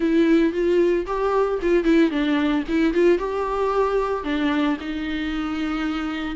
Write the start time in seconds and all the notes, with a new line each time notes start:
0.00 E4
0.53 F4
1.06 G4
1.62 F4
1.84 E4
2.10 D4
2.68 E4
2.93 F4
3.18 G4
4.24 D4
4.80 D#4